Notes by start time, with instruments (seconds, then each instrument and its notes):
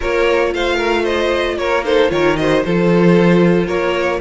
0.00 cello A#3, viola F4, violin A#4 C#5
0.53 cello A3, violin C5 F5
0.76 violin A#4
1.03 violin C5 D#5
1.57 cello A#3, violin A#4 C#5
1.84 viola D#4, violin A4 C5
2.09 cello D#3, viola F4, violin A#4 C#5
2.36 viola F#4, violin C5 D#5
2.63 cello F3, viola F4, violin A4 C5
3.66 cello A#3, violin A#4 C#5